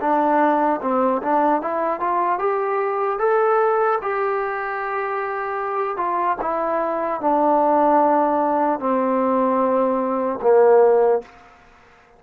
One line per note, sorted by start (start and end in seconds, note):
0.00 0.80 D4
0.81 1.21 C4
1.22 1.61 D4
1.61 2.00 E4
2.00 2.39 F4
2.39 3.18 G4
3.18 3.98 A4
4.01 5.96 G4
5.96 6.36 F4
6.41 7.20 E4
7.20 8.79 D4
8.79 10.39 C4
10.41 11.21 A#3